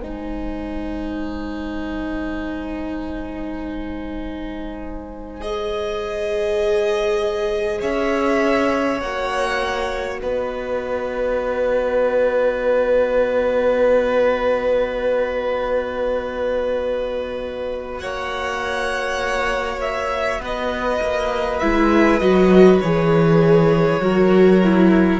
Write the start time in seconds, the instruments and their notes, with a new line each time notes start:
0.00 cello G#3, viola D#4, violin C5 G#5
5.40 viola G#4, violin D#5
7.80 cello C#4, violin C#5 E5
9.00 cello A#3, viola F#4, violin F#5
10.19 cello B3, violin B4 D#5
17.98 cello A#3, violin C#5 F#5
19.81 violin E5
20.39 cello B3, violin B4 D#5
21.01 cello A#3
21.59 cello G#3, viola E4, violin E5
22.19 cello F#3, viola F#4, violin D#5
22.80 cello E3, viola G#4, violin C#5
24.00 cello F#3, viola F#4, violin A#4
24.63 viola E4